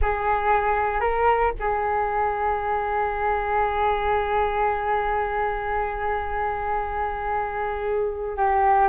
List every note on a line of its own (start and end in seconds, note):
0.01 1.00 G#4
1.00 1.52 A#4
1.59 8.36 G#4
8.36 8.88 G4